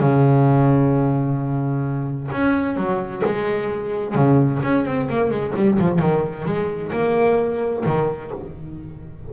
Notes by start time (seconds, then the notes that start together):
0.00 C#3
2.32 C#4
2.77 F#3
3.25 G#3
4.15 C#3
4.63 C#4
4.85 C4
5.10 A#3
5.31 G#3
5.56 G3
5.79 F3
5.99 D#3
6.46 G#3
6.93 A#3
7.86 D#3